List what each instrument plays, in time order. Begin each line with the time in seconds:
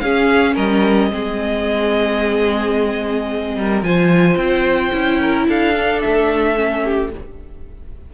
0.00 cello C#4, viola C#4, violin G#4 F5
0.54 cello G3, violin A#4 D#5
1.11 cello G#3, viola C4, violin G#4
3.56 cello G3, violin A#4
3.82 cello F3, viola F4, violin C5 G#5
4.37 cello C4, violin G5
4.93 cello C#4, viola E4
5.20 violin A#4
5.48 cello D4, violin A4 F5
5.73 viola D4
6.01 cello A3, violin E5
6.56 viola C#4
6.83 violin G4